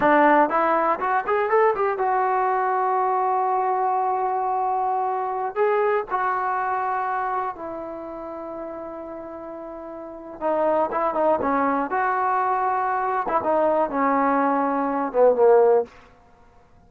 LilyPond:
\new Staff \with { instrumentName = "trombone" } { \time 4/4 \tempo 4 = 121 d'4 e'4 fis'8 gis'8 a'8 g'8 | fis'1~ | fis'2.~ fis'16 gis'8.~ | gis'16 fis'2. e'8.~ |
e'1~ | e'4 dis'4 e'8 dis'8 cis'4 | fis'2~ fis'8. e'16 dis'4 | cis'2~ cis'8 b8 ais4 | }